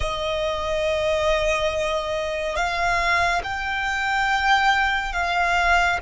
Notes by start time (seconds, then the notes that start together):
0.00 D#5
2.56 F5
3.43 G5
5.12 F5